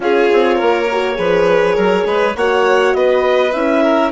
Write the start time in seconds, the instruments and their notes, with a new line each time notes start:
0.00 bassoon C#4, horn F4, violin G#4, clarinet C#5
0.32 bassoon C4
0.55 bassoon A#3, violin A#4
0.92 horn F#4
1.14 bassoon F3, horn G#4, violin B4
1.75 bassoon F#3, violin A#4
2.05 bassoon G#3, violin B4
2.35 bassoon A#3, horn F#4, violin C#5, clarinet F#5
2.94 bassoon B3, violin B4, clarinet D#5
3.52 bassoon C#4, horn E4, clarinet E5
3.82 violin A#4